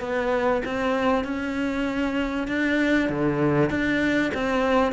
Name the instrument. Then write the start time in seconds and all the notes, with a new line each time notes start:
cello
0.00 B3
0.65 C4
1.24 C#4
2.47 D4
3.09 D3
3.70 D4
4.34 C4